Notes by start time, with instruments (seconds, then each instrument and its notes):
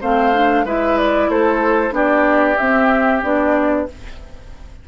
0.00 bassoon A3, clarinet C4, oboe C5, flute F5
0.33 clarinet D4
0.64 bassoon G#3, clarinet E4, oboe B4, flute E5
0.97 flute D5
1.29 bassoon A3, oboe A4, flute C5
1.90 bassoon B3, clarinet D4, oboe G4, flute D5
2.57 bassoon C4, clarinet C4, flute E5
3.22 bassoon B3, clarinet D4, flute D5